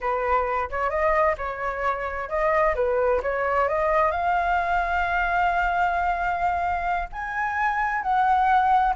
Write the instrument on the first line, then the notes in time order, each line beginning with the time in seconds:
flute
0.01 B4
0.70 C#5
0.90 D#5
1.37 C#5
2.29 D#5
2.75 B4
3.22 C#5
3.68 D#5
4.11 F5
7.12 G#5
8.02 F#5